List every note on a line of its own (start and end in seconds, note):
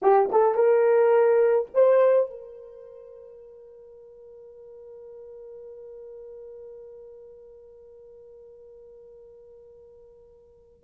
0.02 0.30 G4
0.32 0.54 A4
0.54 1.69 A#4
1.74 2.30 C5
2.30 10.83 A#4